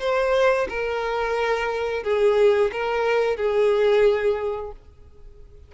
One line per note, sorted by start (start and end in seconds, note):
0.00 0.67 C5
0.69 2.04 A#4
2.04 2.71 G#4
2.72 3.37 A#4
3.37 4.72 G#4